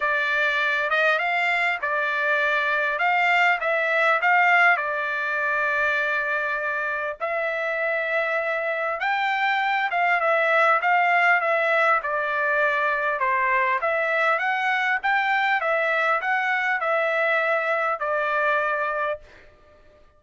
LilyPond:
\new Staff \with { instrumentName = "trumpet" } { \time 4/4 \tempo 4 = 100 d''4. dis''8 f''4 d''4~ | d''4 f''4 e''4 f''4 | d''1 | e''2. g''4~ |
g''8 f''8 e''4 f''4 e''4 | d''2 c''4 e''4 | fis''4 g''4 e''4 fis''4 | e''2 d''2 | }